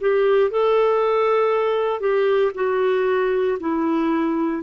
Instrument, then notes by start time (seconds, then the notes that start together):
clarinet
0.00 G4
0.50 A4
2.00 G4
2.54 F#4
3.59 E4